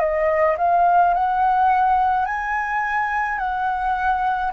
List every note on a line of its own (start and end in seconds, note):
0.00 0.57 D#5
0.58 1.14 F5
1.14 2.26 F#5
2.26 3.39 G#5
3.39 4.52 F#5